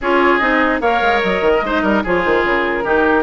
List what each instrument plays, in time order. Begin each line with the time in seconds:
0.01 bassoon C#4, clarinet F4, oboe G#4, flute C#5
0.38 bassoon C4, clarinet D#4, flute D#5
0.80 bassoon A#3, clarinet A#4, oboe C#5, flute F5
1.01 bassoon G#3
1.22 bassoon F#3, flute D#5
1.41 bassoon D#3
1.54 oboe A#4
1.61 bassoon G#3, clarinet D#4, oboe C5
1.82 bassoon G3, oboe A#4
2.03 bassoon F3, clarinet F4, oboe G#4, flute C#5
2.23 bassoon D#3, flute C5
2.44 bassoon C#3, flute A#4
2.83 bassoon D#3, clarinet D#4, oboe G4